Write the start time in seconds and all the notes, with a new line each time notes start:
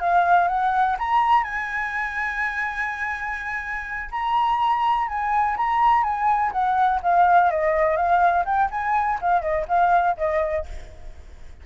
0.00 F5
0.48 F#5
0.99 A#5
1.43 G#5
4.11 A#5
5.08 G#5
5.57 A#5
6.03 G#5
6.52 F#5
7.02 F5
7.51 D#5
7.96 F5
8.45 G5
8.71 G#5
9.21 F5
9.42 D#5
9.68 F5
10.17 D#5